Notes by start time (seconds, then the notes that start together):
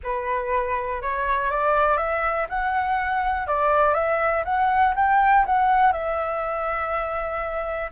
0.03 B4
1.01 C#5
1.50 D5
1.97 E5
2.49 F#5
3.47 D5
3.94 E5
4.44 F#5
4.95 G5
5.46 F#5
5.92 E5